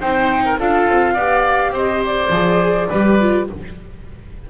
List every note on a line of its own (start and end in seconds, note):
0.00 0.59 C4
0.00 0.58 D#4
0.00 0.43 C5
0.00 0.58 G5
0.45 0.59 A#4
0.59 0.88 D4
0.59 1.17 F4
0.59 1.13 A4
0.59 1.74 F5
0.88 1.16 C4
1.13 1.70 B3
1.13 2.31 G4
1.13 1.71 D5
1.70 2.28 C4
1.70 2.88 C5
1.70 2.04 D#5
2.05 3.49 D5
2.29 2.87 F3
2.29 2.89 G#4
2.88 3.50 G3
2.88 3.20 G4
2.88 3.46 B4
3.20 3.48 F4